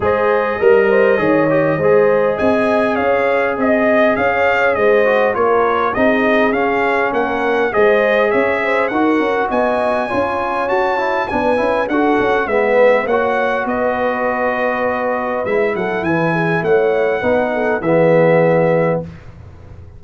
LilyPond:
<<
  \new Staff \with { instrumentName = "trumpet" } { \time 4/4 \tempo 4 = 101 dis''1 | gis''4 f''4 dis''4 f''4 | dis''4 cis''4 dis''4 f''4 | fis''4 dis''4 e''4 fis''4 |
gis''2 a''4 gis''4 | fis''4 e''4 fis''4 dis''4~ | dis''2 e''8 fis''8 gis''4 | fis''2 e''2 | }
  \new Staff \with { instrumentName = "horn" } { \time 4/4 c''4 ais'8 c''8 cis''4 c''4 | dis''4 cis''4 dis''4 cis''4 | c''4 ais'4 gis'2 | ais'4 c''4 cis''8 c''8 ais'4 |
dis''4 cis''2 b'4 | a'4 b'4 cis''4 b'4~ | b'2~ b'8 a'8 b'8 gis'8 | cis''4 b'8 a'8 gis'2 | }
  \new Staff \with { instrumentName = "trombone" } { \time 4/4 gis'4 ais'4 gis'8 g'8 gis'4~ | gis'1~ | gis'8 fis'8 f'4 dis'4 cis'4~ | cis'4 gis'2 fis'4~ |
fis'4 f'4 fis'8 e'8 d'8 e'8 | fis'4 b4 fis'2~ | fis'2 e'2~ | e'4 dis'4 b2 | }
  \new Staff \with { instrumentName = "tuba" } { \time 4/4 gis4 g4 dis4 gis4 | c'4 cis'4 c'4 cis'4 | gis4 ais4 c'4 cis'4 | ais4 gis4 cis'4 dis'8 cis'8 |
b4 cis'4 fis'4 b8 cis'8 | d'8 cis'8 gis4 ais4 b4~ | b2 gis8 fis8 e4 | a4 b4 e2 | }
>>